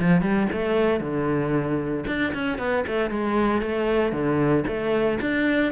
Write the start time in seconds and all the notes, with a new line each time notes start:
0.00 F3
0.22 G3
0.52 A3
1.00 D3
2.07 D4
2.34 C#4
2.58 B3
2.88 A3
3.10 G#3
3.62 A3
4.12 D3
4.67 A3
5.21 D4